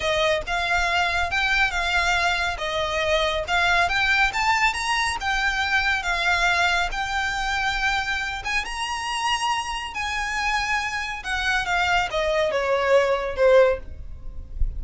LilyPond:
\new Staff \with { instrumentName = "violin" } { \time 4/4 \tempo 4 = 139 dis''4 f''2 g''4 | f''2 dis''2 | f''4 g''4 a''4 ais''4 | g''2 f''2 |
g''2.~ g''8 gis''8 | ais''2. gis''4~ | gis''2 fis''4 f''4 | dis''4 cis''2 c''4 | }